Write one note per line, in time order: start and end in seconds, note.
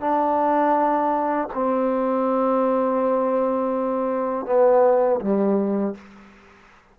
0.00 1.48 D4
1.54 4.45 C4
4.45 5.20 B3
5.21 5.95 G3